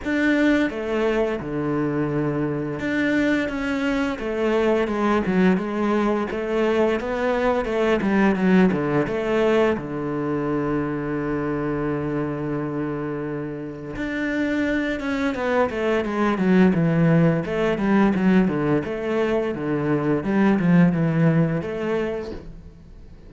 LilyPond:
\new Staff \with { instrumentName = "cello" } { \time 4/4 \tempo 4 = 86 d'4 a4 d2 | d'4 cis'4 a4 gis8 fis8 | gis4 a4 b4 a8 g8 | fis8 d8 a4 d2~ |
d1 | d'4. cis'8 b8 a8 gis8 fis8 | e4 a8 g8 fis8 d8 a4 | d4 g8 f8 e4 a4 | }